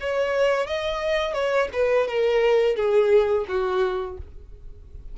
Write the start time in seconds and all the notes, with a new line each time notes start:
0.00 C#5
0.67 D#5
1.33 C#5
1.73 B4
2.07 A#4
2.76 G#4
3.48 F#4